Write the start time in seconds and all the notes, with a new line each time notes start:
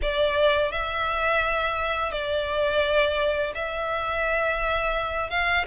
0.02 D5
0.71 E5
2.12 D5
3.54 E5
5.29 F5